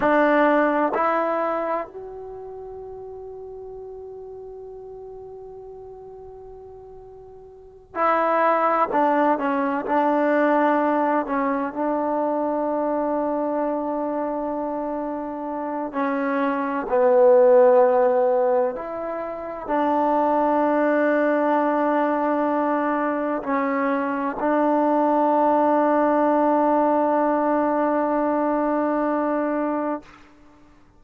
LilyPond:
\new Staff \with { instrumentName = "trombone" } { \time 4/4 \tempo 4 = 64 d'4 e'4 fis'2~ | fis'1~ | fis'8 e'4 d'8 cis'8 d'4. | cis'8 d'2.~ d'8~ |
d'4 cis'4 b2 | e'4 d'2.~ | d'4 cis'4 d'2~ | d'1 | }